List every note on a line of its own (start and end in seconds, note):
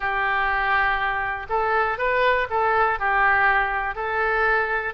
0.00 1.46 G4
1.49 1.97 A4
1.97 2.47 B4
2.50 2.99 A4
2.99 3.95 G4
3.95 4.93 A4